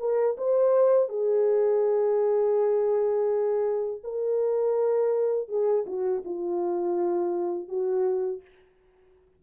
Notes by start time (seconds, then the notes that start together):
0.00 A#4
0.38 C5
1.09 G#4
4.04 A#4
5.48 G#4
5.87 F#4
6.25 F4
7.69 F#4